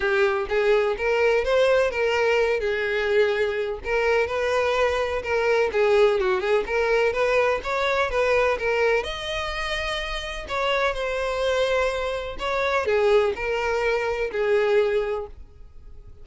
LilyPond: \new Staff \with { instrumentName = "violin" } { \time 4/4 \tempo 4 = 126 g'4 gis'4 ais'4 c''4 | ais'4. gis'2~ gis'8 | ais'4 b'2 ais'4 | gis'4 fis'8 gis'8 ais'4 b'4 |
cis''4 b'4 ais'4 dis''4~ | dis''2 cis''4 c''4~ | c''2 cis''4 gis'4 | ais'2 gis'2 | }